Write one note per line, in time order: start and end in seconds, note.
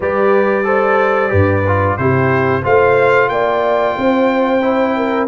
0.00 1.31 G3
0.00 0.64 G4
0.00 0.65 B4
0.00 1.97 D5
0.64 1.29 A4
0.64 1.30 C5
1.29 1.97 G2
1.29 1.62 G4
1.29 1.96 B4
1.67 1.99 F4
1.97 2.64 C3
1.97 2.62 E4
1.97 2.62 G4
1.97 2.63 C5
2.62 3.29 A3
2.62 4.60 F4
2.62 3.28 C5
2.62 3.28 F5
3.28 3.95 A#3
3.28 3.98 D5
3.28 5.26 G5
3.97 5.27 C4
3.97 4.96 C5
4.61 5.27 E4
4.96 5.27 A#4